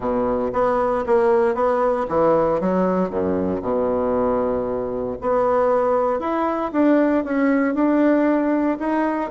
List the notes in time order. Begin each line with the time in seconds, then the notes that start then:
0.00 B2
0.52 B3
1.06 A#3
1.54 B3
2.08 E3
2.60 F#3
3.10 F#2
3.61 B2
5.21 B3
6.19 E4
6.72 D4
7.24 C#4
7.74 D4
8.79 D#4